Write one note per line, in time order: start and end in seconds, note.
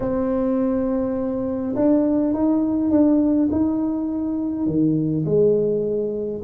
0.00 1.74 C4
1.75 2.33 D4
2.33 2.90 D#4
2.90 3.48 D4
3.51 4.66 D#4
4.66 5.24 D#3
5.25 6.41 G#3